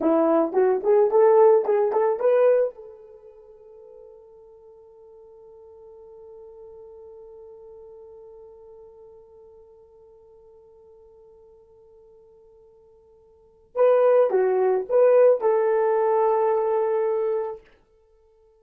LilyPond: \new Staff \with { instrumentName = "horn" } { \time 4/4 \tempo 4 = 109 e'4 fis'8 gis'8 a'4 gis'8 a'8 | b'4 a'2.~ | a'1~ | a'1~ |
a'1~ | a'1~ | a'4 b'4 fis'4 b'4 | a'1 | }